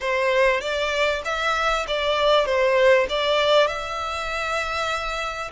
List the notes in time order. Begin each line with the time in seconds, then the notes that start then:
0.00 C5
0.60 D5
1.24 E5
1.87 D5
2.45 C5
3.09 D5
3.67 E5